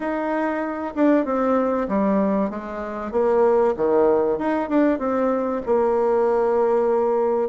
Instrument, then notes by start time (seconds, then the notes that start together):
bassoon
0.00 D#4
0.95 D4
1.25 C4
1.88 G3
2.50 G#3
3.11 A#3
3.76 D#3
4.38 D#4
4.69 D4
4.99 C4
5.66 A#3